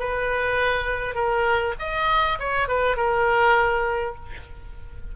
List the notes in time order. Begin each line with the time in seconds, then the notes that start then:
0.00 B4
1.15 A#4
1.80 D#5
2.40 C#5
2.69 B4
2.97 A#4